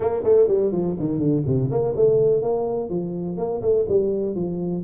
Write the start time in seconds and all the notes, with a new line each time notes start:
0.00 A#3
0.23 A3
0.48 G3
0.72 F3
0.99 D#3
1.19 D3
1.46 C3
1.70 A#3
1.96 A3
2.41 A#3
2.89 F3
3.37 A#3
3.61 A3
3.88 G3
4.35 F3